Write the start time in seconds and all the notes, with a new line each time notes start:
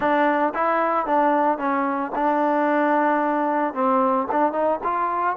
0.00 D4
0.54 E4
1.06 D4
1.58 C#4
2.15 D4
3.74 C4
4.31 D4
4.52 D#4
4.83 F4